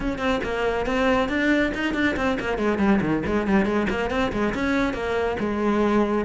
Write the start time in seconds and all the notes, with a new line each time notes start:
0.00 C#4
0.18 C4
0.43 A#3
0.86 C4
1.28 D4
1.74 D#4
1.94 D4
2.16 C4
2.39 A#3
2.57 G#3
2.78 G3
3.01 D#3
3.26 G#3
3.47 G3
3.65 G#3
3.89 A#3
4.10 C4
4.32 G#3
4.54 C#4
4.93 A#3
5.39 G#3